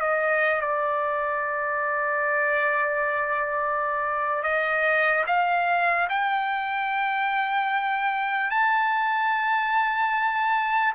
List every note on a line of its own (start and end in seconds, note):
0.00 0.61 D#5
0.61 4.43 D5
4.43 5.24 D#5
5.27 6.08 F5
6.09 8.50 G5
8.50 10.93 A5